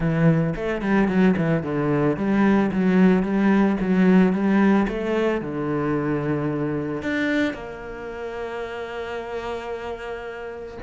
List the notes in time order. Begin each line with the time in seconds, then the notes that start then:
0.00 E3
0.55 A3
0.81 G3
1.08 F#3
1.36 E3
1.62 D3
2.16 G3
2.71 F#3
3.23 G3
3.80 F#3
4.32 G3
4.87 A3
5.41 D3
7.02 D4
7.53 A#3